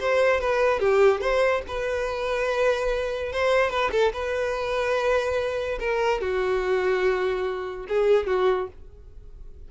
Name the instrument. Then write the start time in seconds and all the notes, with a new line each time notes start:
violin
0.00 C5
0.40 B4
0.80 G4
1.21 C5
1.67 B4
3.32 C5
3.70 B4
3.92 A4
4.13 B4
5.79 A#4
6.21 F#4
7.88 G#4
8.27 F#4